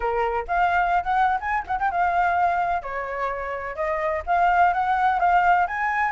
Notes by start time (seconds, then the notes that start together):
0.00 A#4
0.47 F5
1.03 F#5
1.40 G#5
1.67 F#5
1.79 G5
1.91 F5
2.82 C#5
3.75 D#5
4.26 F5
4.73 F#5
5.19 F5
5.67 G#5